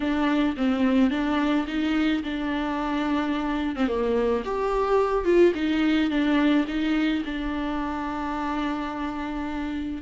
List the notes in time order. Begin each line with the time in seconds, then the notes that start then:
0.00 D4
0.57 C4
1.10 D4
1.67 D#4
2.23 D4
3.76 C4
3.87 A#3
4.44 G4
5.24 F4
5.54 D#4
6.10 D4
6.67 D#4
7.25 D4